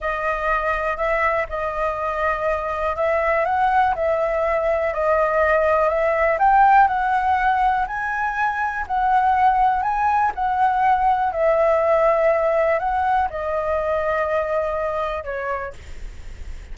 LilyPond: \new Staff \with { instrumentName = "flute" } { \time 4/4 \tempo 4 = 122 dis''2 e''4 dis''4~ | dis''2 e''4 fis''4 | e''2 dis''2 | e''4 g''4 fis''2 |
gis''2 fis''2 | gis''4 fis''2 e''4~ | e''2 fis''4 dis''4~ | dis''2. cis''4 | }